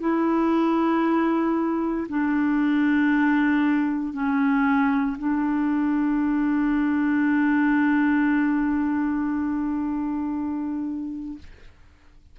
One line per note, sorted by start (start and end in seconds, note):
0.00 2.07 E4
2.08 4.13 D4
4.13 5.16 C#4
5.18 11.38 D4